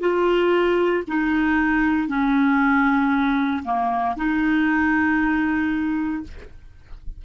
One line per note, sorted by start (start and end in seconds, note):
0.00 1.03 F4
1.07 2.08 D#4
2.08 3.63 C#4
3.64 4.16 A#3
4.16 6.23 D#4